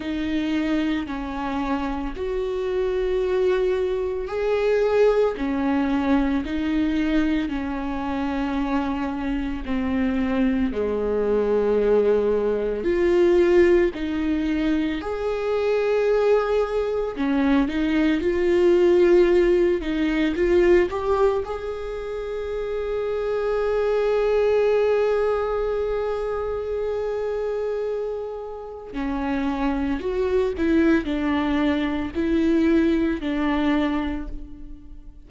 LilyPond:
\new Staff \with { instrumentName = "viola" } { \time 4/4 \tempo 4 = 56 dis'4 cis'4 fis'2 | gis'4 cis'4 dis'4 cis'4~ | cis'4 c'4 gis2 | f'4 dis'4 gis'2 |
cis'8 dis'8 f'4. dis'8 f'8 g'8 | gis'1~ | gis'2. cis'4 | fis'8 e'8 d'4 e'4 d'4 | }